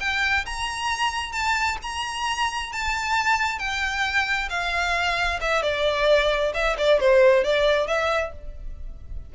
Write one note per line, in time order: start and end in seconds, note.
0.00 0.45 G5
0.45 1.32 A#5
1.32 1.77 A5
1.82 2.72 A#5
2.72 3.58 A5
3.58 4.49 G5
4.49 5.40 F5
5.41 5.62 E5
5.62 6.52 D5
6.54 6.76 E5
6.78 7.00 D5
7.00 7.44 C5
7.44 7.87 D5
7.87 8.32 E5